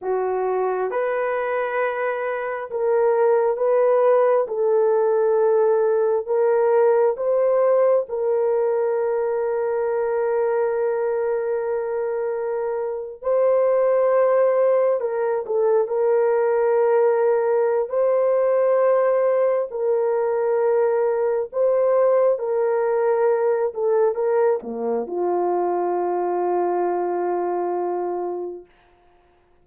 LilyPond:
\new Staff \with { instrumentName = "horn" } { \time 4/4 \tempo 4 = 67 fis'4 b'2 ais'4 | b'4 a'2 ais'4 | c''4 ais'2.~ | ais'2~ ais'8. c''4~ c''16~ |
c''8. ais'8 a'8 ais'2~ ais'16 | c''2 ais'2 | c''4 ais'4. a'8 ais'8 ais8 | f'1 | }